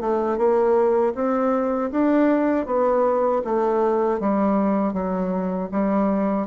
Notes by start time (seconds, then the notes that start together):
0.00 A3
0.37 A#3
1.15 C4
1.91 D4
2.66 B3
3.44 A3
4.19 G3
4.93 F#3
5.71 G3